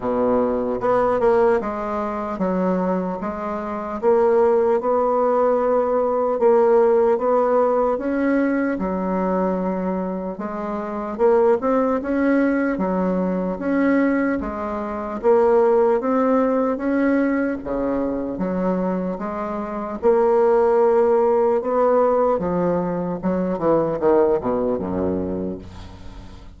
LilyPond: \new Staff \with { instrumentName = "bassoon" } { \time 4/4 \tempo 4 = 75 b,4 b8 ais8 gis4 fis4 | gis4 ais4 b2 | ais4 b4 cis'4 fis4~ | fis4 gis4 ais8 c'8 cis'4 |
fis4 cis'4 gis4 ais4 | c'4 cis'4 cis4 fis4 | gis4 ais2 b4 | f4 fis8 e8 dis8 b,8 fis,4 | }